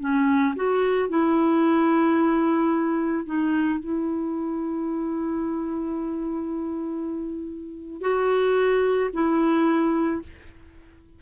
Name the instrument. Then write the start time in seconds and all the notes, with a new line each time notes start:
clarinet
0.00 C#4
0.56 F#4
1.09 E4
3.26 D#4
3.80 E4
8.01 F#4
9.13 E4